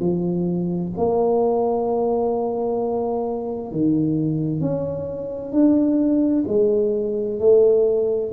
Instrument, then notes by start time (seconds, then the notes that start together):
tuba
0.00 F3
0.97 A#3
3.72 D#3
4.61 C#4
5.52 D4
6.47 G#3
7.40 A3